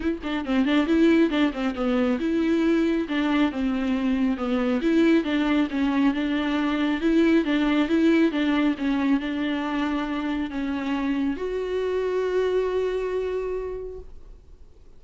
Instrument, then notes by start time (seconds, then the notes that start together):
viola
0.00 E4
0.23 D4
0.45 C4
0.65 D4
0.86 E4
1.30 D4
1.53 C4
1.74 B3
2.19 E4
3.08 D4
3.51 C4
4.37 B3
4.81 E4
5.24 D4
5.70 C#4
6.14 D4
7.01 E4
7.45 D4
7.88 E4
8.31 D4
8.78 C#4
9.20 D4
10.50 C#4
11.36 F#4